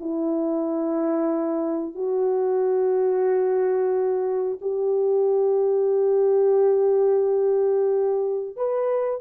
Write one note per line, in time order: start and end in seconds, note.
0.00 1.95 E4
1.95 4.59 F#4
4.61 8.56 G4
8.56 9.21 B4